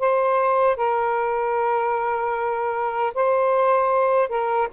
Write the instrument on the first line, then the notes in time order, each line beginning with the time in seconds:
saxophone
0.00 C5
0.77 A#4
3.15 C5
4.29 A#4